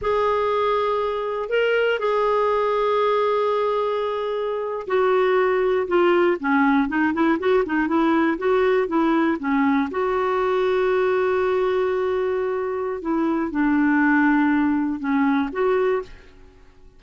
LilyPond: \new Staff \with { instrumentName = "clarinet" } { \time 4/4 \tempo 4 = 120 gis'2. ais'4 | gis'1~ | gis'4.~ gis'16 fis'2 f'16~ | f'8. cis'4 dis'8 e'8 fis'8 dis'8 e'16~ |
e'8. fis'4 e'4 cis'4 fis'16~ | fis'1~ | fis'2 e'4 d'4~ | d'2 cis'4 fis'4 | }